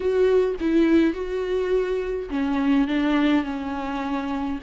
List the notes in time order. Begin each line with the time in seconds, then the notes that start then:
0.00 F#4
0.60 E4
1.13 F#4
2.30 C#4
2.87 D4
3.44 C#4